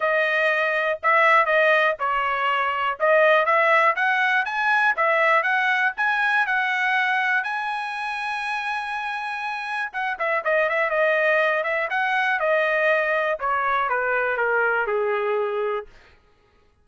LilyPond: \new Staff \with { instrumentName = "trumpet" } { \time 4/4 \tempo 4 = 121 dis''2 e''4 dis''4 | cis''2 dis''4 e''4 | fis''4 gis''4 e''4 fis''4 | gis''4 fis''2 gis''4~ |
gis''1 | fis''8 e''8 dis''8 e''8 dis''4. e''8 | fis''4 dis''2 cis''4 | b'4 ais'4 gis'2 | }